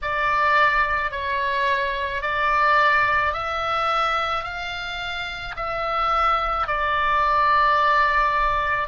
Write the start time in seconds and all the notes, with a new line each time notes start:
0.02 D5
1.11 C#5
2.22 D5
3.33 E5
4.43 F5
5.56 E5
6.67 D5